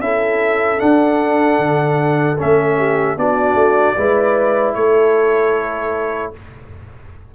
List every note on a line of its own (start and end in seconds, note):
0.00 0.79 C#4
0.00 0.79 E4
0.00 2.77 A4
0.00 0.80 E5
0.79 2.37 D4
0.79 1.59 D4
0.79 2.38 F#5
1.59 2.37 D3
2.38 3.17 A3
2.38 3.17 C#4
2.38 3.18 E5
2.77 3.17 G4
3.17 3.55 B3
3.17 3.96 D4
3.17 3.97 F#4
3.17 4.74 D5
3.55 3.94 A3
3.97 4.75 G#3
3.97 6.34 E4
3.97 4.75 B4
4.74 6.33 A3
4.74 6.35 A4
4.74 6.32 C#5